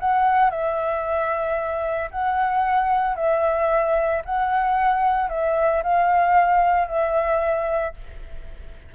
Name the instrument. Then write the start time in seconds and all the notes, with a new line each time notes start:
flute
0.00 F#5
0.51 E5
2.11 F#5
3.16 E5
4.25 F#5
5.30 E5
5.83 F5
6.88 E5